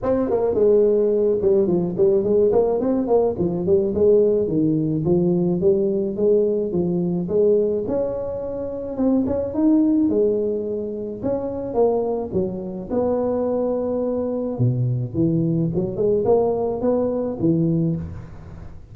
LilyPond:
\new Staff \with { instrumentName = "tuba" } { \time 4/4 \tempo 4 = 107 c'8 ais8 gis4. g8 f8 g8 | gis8 ais8 c'8 ais8 f8 g8 gis4 | dis4 f4 g4 gis4 | f4 gis4 cis'2 |
c'8 cis'8 dis'4 gis2 | cis'4 ais4 fis4 b4~ | b2 b,4 e4 | fis8 gis8 ais4 b4 e4 | }